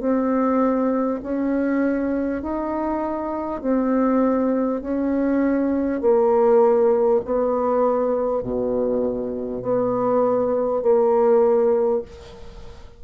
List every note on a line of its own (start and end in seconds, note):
0.00 1.20 C4
1.23 2.43 C#4
2.43 3.62 D#4
3.62 4.82 C4
4.82 6.01 C#4
6.01 7.21 A#3
7.25 8.43 B3
8.43 9.62 B2
9.62 10.82 B3
10.82 12.02 A#3